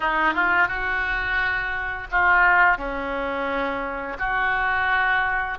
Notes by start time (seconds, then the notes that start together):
0.00 D#4
0.33 F4
0.68 F#4
2.11 F4
2.77 C#4
4.19 F#4